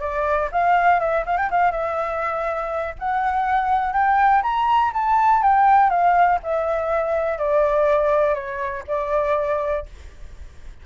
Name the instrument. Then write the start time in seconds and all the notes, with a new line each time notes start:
flute
0.00 D5
0.52 F5
0.99 E5
1.25 F5
1.37 G5
1.50 F5
1.71 E5
2.99 F#5
3.93 G5
4.43 A#5
4.93 A5
5.42 G5
5.90 F5
6.43 E5
7.38 D5
8.34 C#5
8.87 D5